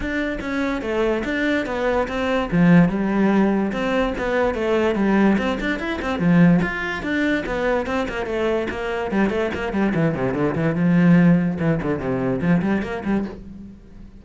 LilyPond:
\new Staff \with { instrumentName = "cello" } { \time 4/4 \tempo 4 = 145 d'4 cis'4 a4 d'4 | b4 c'4 f4 g4~ | g4 c'4 b4 a4 | g4 c'8 d'8 e'8 c'8 f4 |
f'4 d'4 b4 c'8 ais8 | a4 ais4 g8 a8 ais8 g8 | e8 c8 d8 e8 f2 | e8 d8 c4 f8 g8 ais8 g8 | }